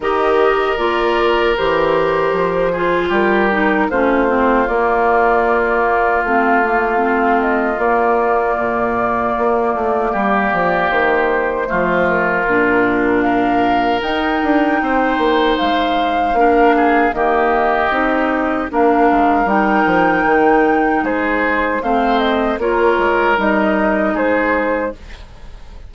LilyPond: <<
  \new Staff \with { instrumentName = "flute" } { \time 4/4 \tempo 4 = 77 dis''4 d''4 c''2 | ais'4 c''4 d''2 | f''4. dis''8 d''2~ | d''2 c''4. ais'8~ |
ais'4 f''4 g''2 | f''2 dis''2 | f''4 g''2 c''4 | f''8 dis''8 cis''4 dis''4 c''4 | }
  \new Staff \with { instrumentName = "oboe" } { \time 4/4 ais'2.~ ais'8 gis'8 | g'4 f'2.~ | f'1~ | f'4 g'2 f'4~ |
f'4 ais'2 c''4~ | c''4 ais'8 gis'8 g'2 | ais'2. gis'4 | c''4 ais'2 gis'4 | }
  \new Staff \with { instrumentName = "clarinet" } { \time 4/4 g'4 f'4 g'4. f'8~ | f'8 dis'8 cis'8 c'8 ais2 | c'8 ais8 c'4 ais2~ | ais2. a4 |
d'2 dis'2~ | dis'4 d'4 ais4 dis'4 | d'4 dis'2. | c'4 f'4 dis'2 | }
  \new Staff \with { instrumentName = "bassoon" } { \time 4/4 dis4 ais4 e4 f4 | g4 a4 ais2 | a2 ais4 ais,4 | ais8 a8 g8 f8 dis4 f4 |
ais,2 dis'8 d'8 c'8 ais8 | gis4 ais4 dis4 c'4 | ais8 gis8 g8 f8 dis4 gis4 | a4 ais8 gis8 g4 gis4 | }
>>